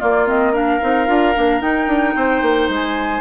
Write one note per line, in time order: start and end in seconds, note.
0.00 0.27 A#3
0.00 0.82 A#3
0.00 0.53 F4
0.00 0.29 D5
0.27 0.53 C4
0.27 0.55 D#5
0.53 0.80 D4
0.53 2.15 A#4
0.53 1.62 F5
0.81 1.08 C4
0.81 1.07 D#4
1.07 1.35 D4
1.07 1.34 F4
1.35 1.62 A#3
1.35 1.61 D4
1.61 3.21 D#4
1.61 1.87 D#4
1.61 2.70 G5
1.87 2.14 D4
2.16 2.42 C4
2.16 3.21 C5
2.42 2.69 A#3
2.69 3.21 G#3
2.69 3.21 G#5